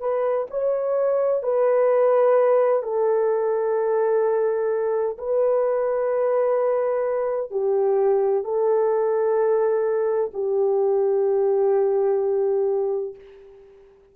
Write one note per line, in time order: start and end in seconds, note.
0.00 0.47 B4
0.51 1.43 C#5
1.43 2.83 B4
2.83 5.17 A4
5.18 7.51 B4
7.51 8.44 G4
8.44 10.32 A4
10.34 13.15 G4